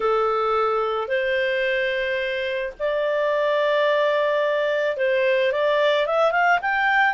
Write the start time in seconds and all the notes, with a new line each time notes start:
0.00 A4
1.08 C5
2.79 D5
4.97 C5
5.51 D5
6.06 E5
6.31 F5
6.61 G5